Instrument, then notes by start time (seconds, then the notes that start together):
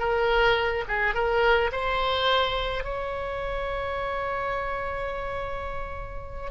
oboe
0.00 A#4
0.89 G#4
1.15 A#4
1.73 C5
2.85 C#5